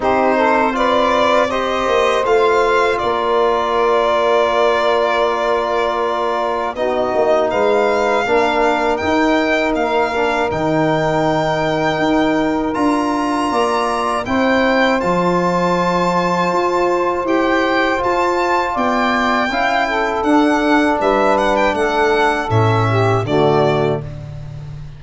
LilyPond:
<<
  \new Staff \with { instrumentName = "violin" } { \time 4/4 \tempo 4 = 80 c''4 d''4 dis''4 f''4 | d''1~ | d''4 dis''4 f''2 | g''4 f''4 g''2~ |
g''4 ais''2 g''4 | a''2. g''4 | a''4 g''2 fis''4 | e''8 fis''16 g''16 fis''4 e''4 d''4 | }
  \new Staff \with { instrumentName = "saxophone" } { \time 4/4 g'8 a'8 b'4 c''2 | ais'1~ | ais'4 fis'4 b'4 ais'4~ | ais'1~ |
ais'2 d''4 c''4~ | c''1~ | c''4 d''4 f''8 a'4. | b'4 a'4. g'8 fis'4 | }
  \new Staff \with { instrumentName = "trombone" } { \time 4/4 dis'4 f'4 g'4 f'4~ | f'1~ | f'4 dis'2 d'4 | dis'4. d'8 dis'2~ |
dis'4 f'2 e'4 | f'2. g'4 | f'2 e'4 d'4~ | d'2 cis'4 a4 | }
  \new Staff \with { instrumentName = "tuba" } { \time 4/4 c'2~ c'8 ais8 a4 | ais1~ | ais4 b8 ais8 gis4 ais4 | dis'4 ais4 dis2 |
dis'4 d'4 ais4 c'4 | f2 f'4 e'4 | f'4 b4 cis'4 d'4 | g4 a4 a,4 d4 | }
>>